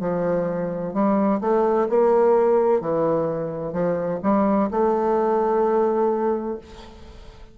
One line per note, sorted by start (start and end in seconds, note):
0.00 0.94 F3
0.94 1.41 G3
1.41 1.87 A3
1.89 2.81 A#3
2.81 3.73 E3
3.73 4.20 F3
4.23 4.70 G3
4.70 6.58 A3